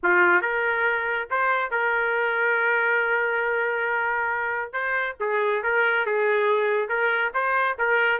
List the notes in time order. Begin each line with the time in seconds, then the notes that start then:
0.03 F4
0.41 A#4
1.30 C5
1.71 A#4
4.73 C5
5.20 G#4
5.63 A#4
6.05 G#4
6.88 A#4
7.33 C5
7.78 A#4